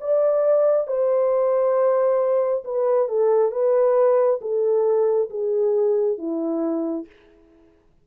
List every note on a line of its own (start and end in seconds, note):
0.00 0.87 D5
0.87 2.63 C5
2.64 3.08 B4
3.08 3.51 A4
3.51 4.40 B4
4.41 5.29 A4
5.29 6.17 G#4
6.17 7.05 E4